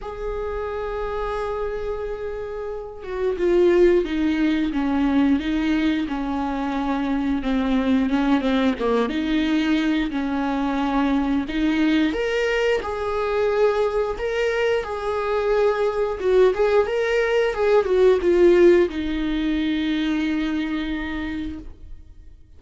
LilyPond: \new Staff \with { instrumentName = "viola" } { \time 4/4 \tempo 4 = 89 gis'1~ | gis'8 fis'8 f'4 dis'4 cis'4 | dis'4 cis'2 c'4 | cis'8 c'8 ais8 dis'4. cis'4~ |
cis'4 dis'4 ais'4 gis'4~ | gis'4 ais'4 gis'2 | fis'8 gis'8 ais'4 gis'8 fis'8 f'4 | dis'1 | }